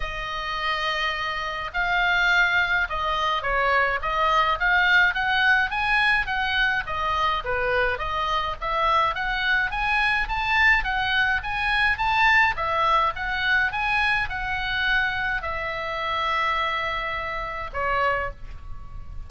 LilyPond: \new Staff \with { instrumentName = "oboe" } { \time 4/4 \tempo 4 = 105 dis''2. f''4~ | f''4 dis''4 cis''4 dis''4 | f''4 fis''4 gis''4 fis''4 | dis''4 b'4 dis''4 e''4 |
fis''4 gis''4 a''4 fis''4 | gis''4 a''4 e''4 fis''4 | gis''4 fis''2 e''4~ | e''2. cis''4 | }